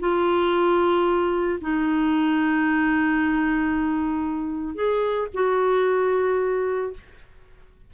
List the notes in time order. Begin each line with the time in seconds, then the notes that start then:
0.00 F4
1.61 D#4
4.75 G#4
5.34 F#4